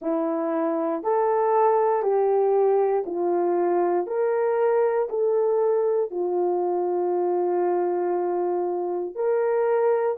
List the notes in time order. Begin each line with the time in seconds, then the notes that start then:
0.01 E4
1.03 A4
2.02 G4
3.06 F4
4.06 A#4
5.09 A4
6.10 F4
9.15 A#4